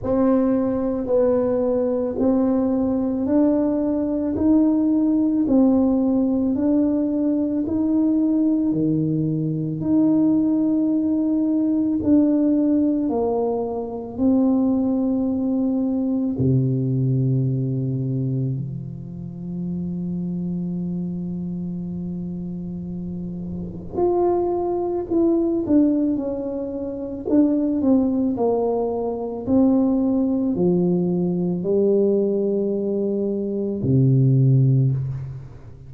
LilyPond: \new Staff \with { instrumentName = "tuba" } { \time 4/4 \tempo 4 = 55 c'4 b4 c'4 d'4 | dis'4 c'4 d'4 dis'4 | dis4 dis'2 d'4 | ais4 c'2 c4~ |
c4 f2.~ | f2 f'4 e'8 d'8 | cis'4 d'8 c'8 ais4 c'4 | f4 g2 c4 | }